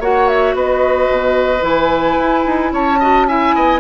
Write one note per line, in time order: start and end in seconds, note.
0.00 0.54 A#3
0.00 1.61 F#4
0.00 0.55 C#5
0.00 0.28 F#5
0.28 0.55 E5
0.54 1.08 B3
0.54 2.72 B4
0.54 1.63 D#5
1.09 1.62 B2
1.61 2.16 E3
1.61 2.97 E4
1.61 2.72 G#5
2.18 2.45 E4
2.46 2.72 D#4
2.72 3.54 C#4
2.72 2.99 C#5
2.72 3.27 A5
2.99 3.27 F#4
2.99 3.26 D#5
3.27 3.80 E4
3.27 3.55 E5
3.27 3.80 G#5
3.55 3.80 B3
3.55 3.80 D#5